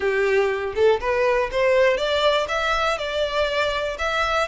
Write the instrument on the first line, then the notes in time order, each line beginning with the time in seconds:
violin
0.00 G4
0.75 A4
1.00 B4
1.51 C5
1.97 D5
2.48 E5
2.98 D5
3.98 E5